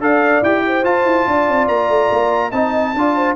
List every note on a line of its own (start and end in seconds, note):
0.00 0.42 D4
0.00 0.43 A4
0.00 0.64 D5
0.00 0.44 F5
0.42 0.84 E4
0.42 0.84 G4
0.42 0.85 G5
0.67 1.30 C5
0.84 1.05 F4
0.84 2.52 F4
0.84 1.68 A5
1.05 1.26 E4
1.27 1.48 D4
1.27 2.51 D5
1.48 1.68 C4
1.68 1.89 A#3
1.68 2.52 A#5
1.89 2.10 A3
2.11 2.52 A#3
2.51 2.94 C4
2.51 2.95 D#4
2.51 2.93 D#5
2.51 3.36 A5
2.95 3.37 D4
2.95 3.37 F4
2.95 3.16 D5
3.16 3.37 C5